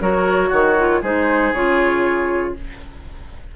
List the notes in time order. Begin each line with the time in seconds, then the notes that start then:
0.00 F#3 F#4 A#4 C#5
0.49 D#3 F#4
0.78 F4
1.01 G#3 D#4 G#4 C5
1.53 C#3 F4 C#5